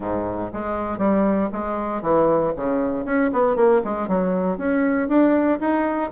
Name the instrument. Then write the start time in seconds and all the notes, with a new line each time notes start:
bassoon
0.00 G#2
0.53 G#3
0.98 G3
1.52 G#3
2.02 E3
2.56 C#3
3.05 C#4
3.32 B3
3.55 A#3
3.84 G#3
4.08 F#3
4.57 C#4
5.08 D4
5.60 D#4